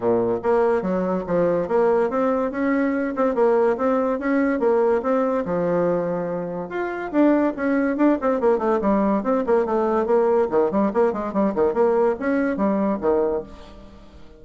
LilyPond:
\new Staff \with { instrumentName = "bassoon" } { \time 4/4 \tempo 4 = 143 ais,4 ais4 fis4 f4 | ais4 c'4 cis'4. c'8 | ais4 c'4 cis'4 ais4 | c'4 f2. |
f'4 d'4 cis'4 d'8 c'8 | ais8 a8 g4 c'8 ais8 a4 | ais4 dis8 g8 ais8 gis8 g8 dis8 | ais4 cis'4 g4 dis4 | }